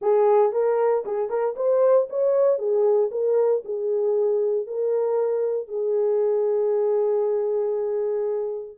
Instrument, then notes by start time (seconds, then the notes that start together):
horn
0.01 G#4
0.52 A#4
1.05 G#4
1.29 A#4
1.56 C5
2.09 C#5
2.58 G#4
3.11 A#4
3.64 G#4
4.66 A#4
5.68 G#4